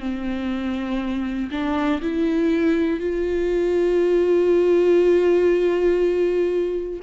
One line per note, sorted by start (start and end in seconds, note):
0.00 1.50 C4
1.51 2.01 D4
2.01 3.00 E4
3.00 7.00 F4